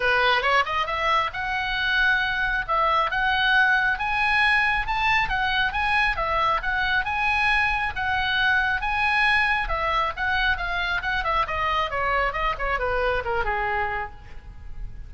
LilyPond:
\new Staff \with { instrumentName = "oboe" } { \time 4/4 \tempo 4 = 136 b'4 cis''8 dis''8 e''4 fis''4~ | fis''2 e''4 fis''4~ | fis''4 gis''2 a''4 | fis''4 gis''4 e''4 fis''4 |
gis''2 fis''2 | gis''2 e''4 fis''4 | f''4 fis''8 e''8 dis''4 cis''4 | dis''8 cis''8 b'4 ais'8 gis'4. | }